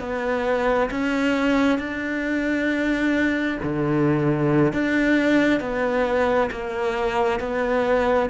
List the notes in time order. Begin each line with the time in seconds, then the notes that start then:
0.00 B3
0.91 C#4
1.79 D4
3.64 D3
4.73 D4
5.61 B3
6.51 A#3
7.40 B3